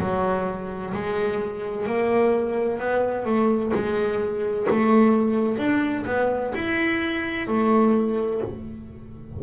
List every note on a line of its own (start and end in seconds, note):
0.00 0.94 F#3
0.94 1.87 G#3
1.87 2.80 A#3
2.80 3.26 B3
3.26 3.72 A3
3.74 4.67 G#3
4.70 5.58 A3
5.58 6.05 D4
6.06 6.53 B3
6.55 7.47 E4
7.47 8.41 A3